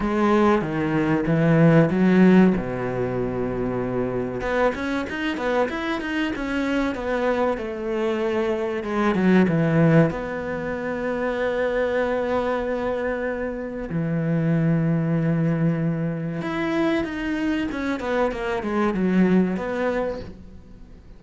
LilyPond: \new Staff \with { instrumentName = "cello" } { \time 4/4 \tempo 4 = 95 gis4 dis4 e4 fis4 | b,2. b8 cis'8 | dis'8 b8 e'8 dis'8 cis'4 b4 | a2 gis8 fis8 e4 |
b1~ | b2 e2~ | e2 e'4 dis'4 | cis'8 b8 ais8 gis8 fis4 b4 | }